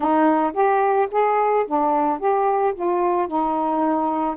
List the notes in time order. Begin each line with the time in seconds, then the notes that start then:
0.00 D#4
0.53 G4
1.11 G#4
1.67 D4
2.19 G4
2.74 F4
3.27 D#4